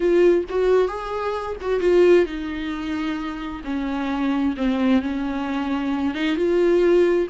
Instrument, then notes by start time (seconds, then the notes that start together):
viola
0.00 F4
0.49 F#4
0.88 G#4
1.61 F#4
1.80 F4
2.25 D#4
3.64 C#4
4.56 C4
5.01 C#4
6.14 D#4
6.36 F4